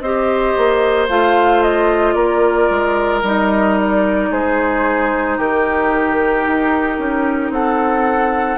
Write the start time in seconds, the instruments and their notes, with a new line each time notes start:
0.00 bassoon C4, clarinet G4, oboe C5, flute D#5
0.57 bassoon A#3
1.09 bassoon A3, clarinet F4, flute F5
1.62 flute D#5
2.13 bassoon A#3, oboe A#4, flute D5
2.70 bassoon G#3
3.23 bassoon G3, clarinet D#4, flute D#5
3.79 flute D5
4.31 bassoon G#3, oboe G#4, flute C5
5.37 bassoon D#3, oboe G4, flute A#4
6.47 bassoon D#4
6.98 bassoon C#4
7.50 bassoon C4, oboe A4, flute F#5